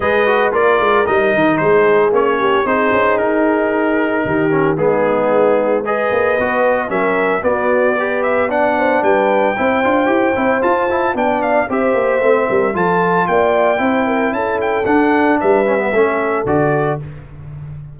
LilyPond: <<
  \new Staff \with { instrumentName = "trumpet" } { \time 4/4 \tempo 4 = 113 dis''4 d''4 dis''4 c''4 | cis''4 c''4 ais'2~ | ais'4 gis'2 dis''4~ | dis''4 e''4 d''4. e''8 |
fis''4 g''2. | a''4 g''8 f''8 e''2 | a''4 g''2 a''8 g''8 | fis''4 e''2 d''4 | }
  \new Staff \with { instrumentName = "horn" } { \time 4/4 b'4 ais'2 gis'4~ | gis'8 g'8 gis'2. | g'4 dis'2 b'4~ | b'4 ais'4 fis'4 b'4 |
d''8 c''8 b'4 c''2~ | c''4 d''4 c''4. ais'8 | a'4 d''4 c''8 ais'8 a'4~ | a'4 b'4 a'2 | }
  \new Staff \with { instrumentName = "trombone" } { \time 4/4 gis'8 fis'8 f'4 dis'2 | cis'4 dis'2.~ | dis'8 cis'8 b2 gis'4 | fis'4 cis'4 b4 g'4 |
d'2 e'8 f'8 g'8 e'8 | f'8 e'8 d'4 g'4 c'4 | f'2 e'2 | d'4. cis'16 b16 cis'4 fis'4 | }
  \new Staff \with { instrumentName = "tuba" } { \time 4/4 gis4 ais8 gis8 g8 dis8 gis4 | ais4 c'8 cis'8 dis'2 | dis4 gis2~ gis8 ais8 | b4 fis4 b2~ |
b4 g4 c'8 d'8 e'8 c'8 | f'4 b4 c'8 ais8 a8 g8 | f4 ais4 c'4 cis'4 | d'4 g4 a4 d4 | }
>>